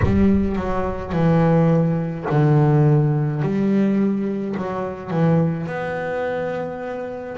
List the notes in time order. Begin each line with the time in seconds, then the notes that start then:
0.02 G3
0.56 F#3
1.12 E3
2.30 D3
3.42 G3
4.56 F#3
5.10 E3
5.67 B3